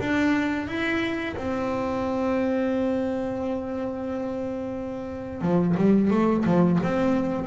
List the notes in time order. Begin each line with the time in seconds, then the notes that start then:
0.00 D4
0.67 E4
1.37 C4
5.41 F3
5.77 G3
6.11 A3
6.45 F3
6.83 C4